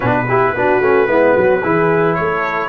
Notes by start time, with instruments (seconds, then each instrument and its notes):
0.00 tuba B2, trombone D4, horn F#4, trumpet B4
0.28 trombone E4, horn G4
0.53 tuba B3, trombone D4, horn F#4
0.80 tuba A3, trombone C#4
1.07 tuba G#3, trombone B3, horn E4
1.35 tuba F#3, horn F#4
1.62 tuba E3, trombone E4, horn G#4
2.14 tuba A3, horn A4, trumpet C#5